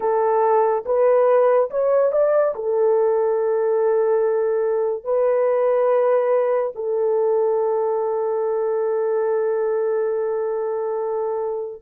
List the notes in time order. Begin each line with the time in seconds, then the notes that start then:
0.00 A4
0.85 B4
1.70 C#5
2.12 D5
2.55 A4
5.04 B4
6.75 A4